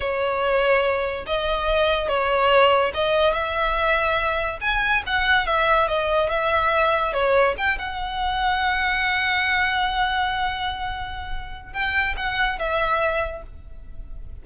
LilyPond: \new Staff \with { instrumentName = "violin" } { \time 4/4 \tempo 4 = 143 cis''2. dis''4~ | dis''4 cis''2 dis''4 | e''2. gis''4 | fis''4 e''4 dis''4 e''4~ |
e''4 cis''4 g''8 fis''4.~ | fis''1~ | fis''1 | g''4 fis''4 e''2 | }